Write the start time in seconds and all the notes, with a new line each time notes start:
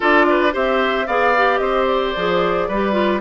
0.00 D4 F4 A4 D5
0.29 B4
0.51 C4 G4 C5 E5
1.07 B3 G#4 D5 F5
1.36 G4
1.57 C4 C5 D#5
1.86 D5
2.15 F3 G#4
2.68 G3 G4 B4
2.92 F4